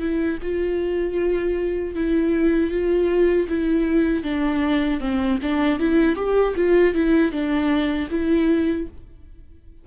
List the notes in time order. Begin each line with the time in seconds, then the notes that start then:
0.00 E4
0.42 F4
1.95 E4
2.71 F4
3.49 E4
4.23 D4
5.00 C4
5.42 D4
5.79 E4
6.16 G4
6.56 F4
6.94 E4
7.32 D4
8.10 E4